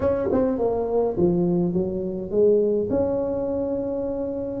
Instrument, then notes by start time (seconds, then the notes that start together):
tuba
0.00 C#4
0.32 C4
0.58 A#3
1.17 F3
1.73 F#3
2.31 G#3
2.90 C#4